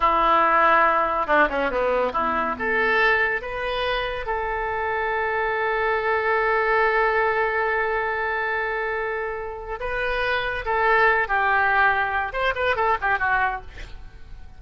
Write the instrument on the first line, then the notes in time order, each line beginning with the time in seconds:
oboe
0.00 E4
1.26 D4
1.49 C#4
1.70 B3
2.13 E4
2.58 A4
3.41 B4
4.26 A4
9.79 B4
10.65 A4
11.28 G4
12.32 C5
12.55 B4
12.76 A4
13.01 G4
13.18 F#4